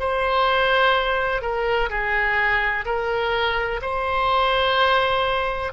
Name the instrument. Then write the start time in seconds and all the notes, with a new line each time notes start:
oboe
0.00 C5
1.42 A#4
1.90 G#4
2.86 A#4
3.82 C5